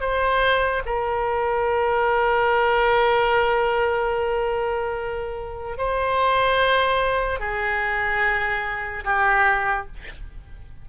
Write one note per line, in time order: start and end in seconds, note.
0.00 0.82 C5
0.85 5.77 A#4
5.77 7.39 C5
7.39 9.04 G#4
9.04 9.86 G4